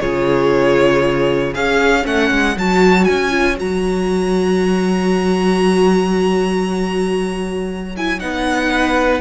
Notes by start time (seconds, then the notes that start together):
0.00 C#3 F4 G#4 C#5
1.54 C#4 G#4 C#5 F5
2.02 A3 C#4 F#5
2.31 G#3
2.56 F#3 F#4 A5
3.05 C#4 G#5
3.30 F4
3.56 F#3 F#4 A#5
7.97 E4 G#5
8.19 B3 D#4 F#5
8.70 B4